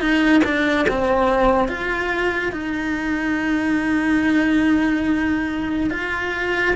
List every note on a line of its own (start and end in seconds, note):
0.00 0.42 D#4
0.44 0.86 D4
0.88 1.68 C4
1.68 2.52 F4
2.52 5.90 D#4
5.90 6.75 F4